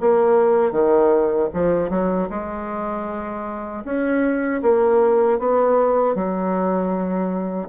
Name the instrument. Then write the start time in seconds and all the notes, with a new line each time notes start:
bassoon
0.00 A#3
0.72 D#3
1.53 F3
1.90 F#3
2.30 G#3
3.85 C#4
4.62 A#3
5.39 B3
6.15 F#3